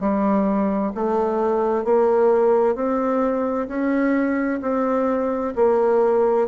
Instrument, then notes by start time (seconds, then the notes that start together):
bassoon
0.00 G3
0.95 A3
1.84 A#3
2.75 C4
3.68 C#4
4.62 C4
5.56 A#3